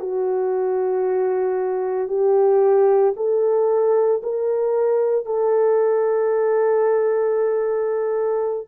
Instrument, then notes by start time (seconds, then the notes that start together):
horn
0.00 F#4
2.09 G4
3.17 A4
4.23 A#4
5.26 A4